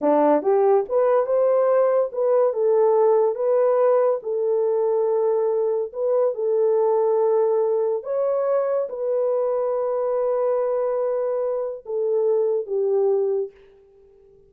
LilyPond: \new Staff \with { instrumentName = "horn" } { \time 4/4 \tempo 4 = 142 d'4 g'4 b'4 c''4~ | c''4 b'4 a'2 | b'2 a'2~ | a'2 b'4 a'4~ |
a'2. cis''4~ | cis''4 b'2.~ | b'1 | a'2 g'2 | }